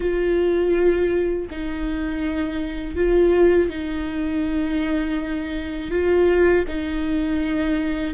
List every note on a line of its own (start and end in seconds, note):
0.00 1.48 F4
1.50 2.95 D#4
2.95 3.69 F4
3.69 5.90 D#4
5.90 6.64 F4
6.68 8.13 D#4